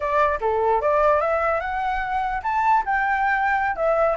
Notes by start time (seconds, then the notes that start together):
0.00 D5
0.41 A4
0.81 D5
1.21 E5
1.60 F#5
2.43 A5
2.85 G5
3.76 E5